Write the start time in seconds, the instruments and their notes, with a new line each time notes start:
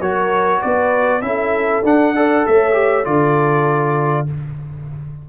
0.00 tuba F#3, trombone F#4, horn A#4, trumpet C#5
0.60 tuba B3, horn B4, trumpet D5
1.22 tuba C#4, trombone E4, horn A4, trumpet E5
1.83 tuba D4, trombone D4, trumpet F#5
2.16 trombone A4, horn D5
2.47 tuba A3, horn C#5, trumpet E5
2.73 trombone G4
3.04 tuba D3, trombone F4, horn A4, trumpet D5